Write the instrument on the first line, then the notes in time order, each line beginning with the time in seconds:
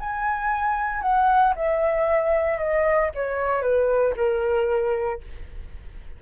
flute
0.00 G#5
1.02 F#5
1.56 E5
2.58 D#5
3.15 C#5
3.62 B4
4.16 A#4